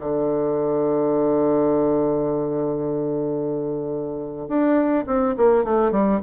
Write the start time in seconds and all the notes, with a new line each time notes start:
0.00 D3
4.48 D4
5.07 C4
5.37 A#3
5.64 A3
5.92 G3